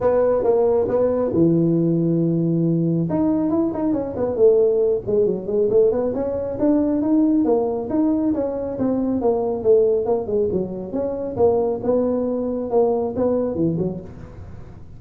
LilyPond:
\new Staff \with { instrumentName = "tuba" } { \time 4/4 \tempo 4 = 137 b4 ais4 b4 e4~ | e2. dis'4 | e'8 dis'8 cis'8 b8 a4. gis8 | fis8 gis8 a8 b8 cis'4 d'4 |
dis'4 ais4 dis'4 cis'4 | c'4 ais4 a4 ais8 gis8 | fis4 cis'4 ais4 b4~ | b4 ais4 b4 e8 fis8 | }